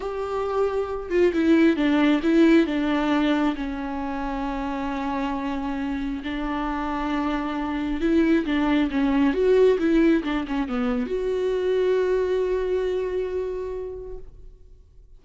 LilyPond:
\new Staff \with { instrumentName = "viola" } { \time 4/4 \tempo 4 = 135 g'2~ g'8 f'8 e'4 | d'4 e'4 d'2 | cis'1~ | cis'2 d'2~ |
d'2 e'4 d'4 | cis'4 fis'4 e'4 d'8 cis'8 | b4 fis'2.~ | fis'1 | }